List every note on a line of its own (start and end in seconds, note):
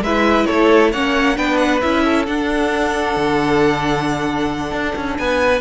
0.00 0.45 G#3
0.00 0.94 E4
0.00 0.46 B4
0.00 0.46 E5
0.46 0.94 A3
0.46 0.91 A4
0.46 0.90 C#5
0.91 1.38 A#3
0.91 1.36 C#4
0.91 1.36 C#5
0.91 1.37 F#5
1.36 1.83 B3
1.36 1.81 D4
1.36 2.04 B4
1.36 1.57 G5
1.57 1.80 F#5
1.81 2.28 C#4
1.81 2.27 E4
1.81 2.25 E5
2.04 5.18 A4
2.26 5.61 D4
2.26 3.16 D4
2.26 5.17 F#5
3.16 4.71 D3
4.71 4.94 D4
4.96 5.18 C#4
5.17 5.61 B3
5.17 5.61 B4
5.17 5.61 G#5